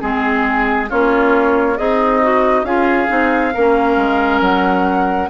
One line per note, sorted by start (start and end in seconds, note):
0.00 0.90 G#3
0.00 0.89 C4
0.00 0.88 G#4
0.00 0.89 G#4
0.89 1.78 A#3
0.89 1.76 C#4
0.89 1.77 F4
0.89 1.78 C#5
1.76 2.63 C4
1.76 2.66 D#4
1.76 2.20 G#4
1.76 2.65 D#5
2.22 2.65 F#4
2.63 3.07 C#4
2.63 3.07 F4
2.63 3.54 G#4
2.63 4.41 F5
3.07 3.54 C4
3.07 3.51 D#4
3.54 3.97 A#3
3.54 5.29 C#4
3.54 5.29 A#4
3.97 4.40 G#3
4.40 5.29 F#3
4.40 5.29 F#5